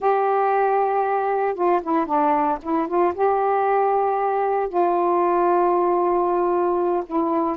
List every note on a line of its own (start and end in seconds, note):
0.00 1.54 G4
1.54 1.80 F4
1.82 2.06 E4
2.06 2.58 D4
2.62 2.87 E4
2.87 3.13 F4
3.14 4.68 G4
4.68 7.03 F4
7.06 7.57 E4